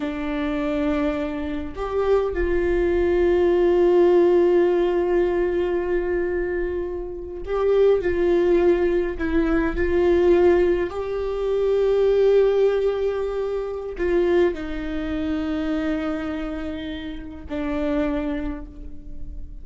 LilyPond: \new Staff \with { instrumentName = "viola" } { \time 4/4 \tempo 4 = 103 d'2. g'4 | f'1~ | f'1~ | f'8. g'4 f'2 e'16~ |
e'8. f'2 g'4~ g'16~ | g'1 | f'4 dis'2.~ | dis'2 d'2 | }